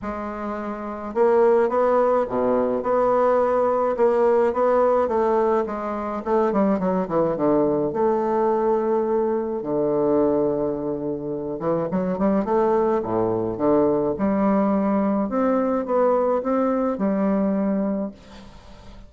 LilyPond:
\new Staff \with { instrumentName = "bassoon" } { \time 4/4 \tempo 4 = 106 gis2 ais4 b4 | b,4 b2 ais4 | b4 a4 gis4 a8 g8 | fis8 e8 d4 a2~ |
a4 d2.~ | d8 e8 fis8 g8 a4 a,4 | d4 g2 c'4 | b4 c'4 g2 | }